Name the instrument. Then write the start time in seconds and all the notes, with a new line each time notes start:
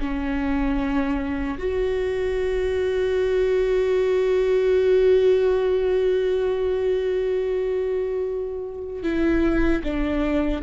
viola
0.00 C#4
1.59 F#4
9.03 E4
9.84 D4